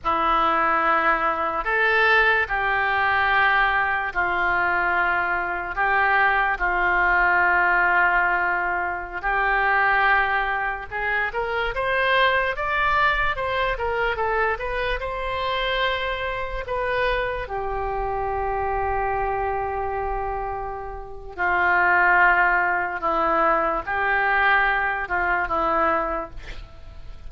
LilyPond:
\new Staff \with { instrumentName = "oboe" } { \time 4/4 \tempo 4 = 73 e'2 a'4 g'4~ | g'4 f'2 g'4 | f'2.~ f'16 g'8.~ | g'4~ g'16 gis'8 ais'8 c''4 d''8.~ |
d''16 c''8 ais'8 a'8 b'8 c''4.~ c''16~ | c''16 b'4 g'2~ g'8.~ | g'2 f'2 | e'4 g'4. f'8 e'4 | }